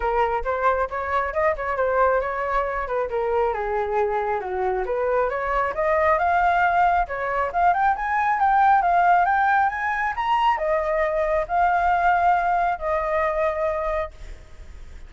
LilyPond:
\new Staff \with { instrumentName = "flute" } { \time 4/4 \tempo 4 = 136 ais'4 c''4 cis''4 dis''8 cis''8 | c''4 cis''4. b'8 ais'4 | gis'2 fis'4 b'4 | cis''4 dis''4 f''2 |
cis''4 f''8 g''8 gis''4 g''4 | f''4 g''4 gis''4 ais''4 | dis''2 f''2~ | f''4 dis''2. | }